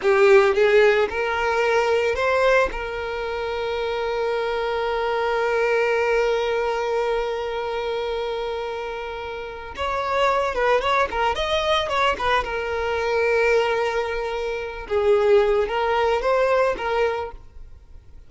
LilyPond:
\new Staff \with { instrumentName = "violin" } { \time 4/4 \tempo 4 = 111 g'4 gis'4 ais'2 | c''4 ais'2.~ | ais'1~ | ais'1~ |
ais'2 cis''4. b'8 | cis''8 ais'8 dis''4 cis''8 b'8 ais'4~ | ais'2.~ ais'8 gis'8~ | gis'4 ais'4 c''4 ais'4 | }